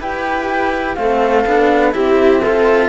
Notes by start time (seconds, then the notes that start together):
0.00 E4 G4 B4 G5
0.95 A3 C4 A4 F5
1.46 B3 D4
1.92 C4 E4 G4 E5
2.42 F4 A4